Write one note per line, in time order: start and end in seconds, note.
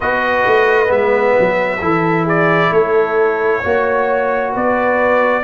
0.00 0.46 B3
0.00 0.86 F#4
0.00 1.82 B4
0.00 0.91 D#5
0.46 0.90 A3
0.86 1.35 G#3
0.86 1.77 B3
0.86 2.27 E5
1.39 1.81 F#3
1.81 2.70 E3
1.81 3.63 E4
1.81 2.24 A4
2.24 2.70 G#4
2.24 2.72 D5
2.70 3.61 A3
2.70 3.61 A4
2.70 4.54 C#5
3.61 4.55 A#3
3.61 5.43 F#4
3.61 4.52 C#5
4.53 5.43 B3
4.53 5.43 B4
4.53 5.43 D5